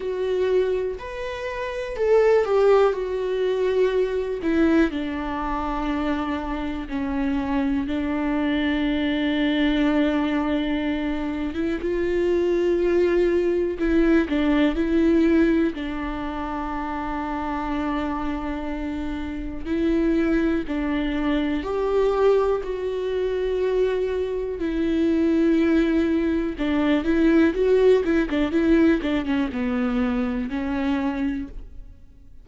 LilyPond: \new Staff \with { instrumentName = "viola" } { \time 4/4 \tempo 4 = 61 fis'4 b'4 a'8 g'8 fis'4~ | fis'8 e'8 d'2 cis'4 | d'2.~ d'8. e'16 | f'2 e'8 d'8 e'4 |
d'1 | e'4 d'4 g'4 fis'4~ | fis'4 e'2 d'8 e'8 | fis'8 e'16 d'16 e'8 d'16 cis'16 b4 cis'4 | }